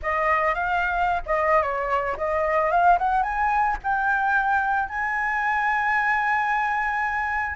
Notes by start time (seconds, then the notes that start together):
0.02 D#5
0.54 F5
1.26 D#5
1.62 C#5
2.17 D#5
2.70 F5
2.98 F#5
3.22 G#5
3.83 G5
4.88 G#5